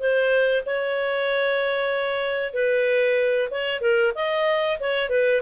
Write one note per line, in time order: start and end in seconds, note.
0.00 0.64 C5
0.66 2.54 C#5
2.54 3.50 B4
3.51 3.81 C#5
3.81 4.13 A#4
4.15 4.79 D#5
4.80 5.10 C#5
5.10 5.42 B4